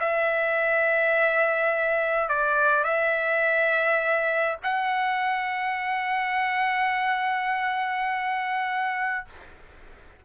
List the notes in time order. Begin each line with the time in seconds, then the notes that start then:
0.00 E5
2.29 D5
2.84 E5
4.63 F#5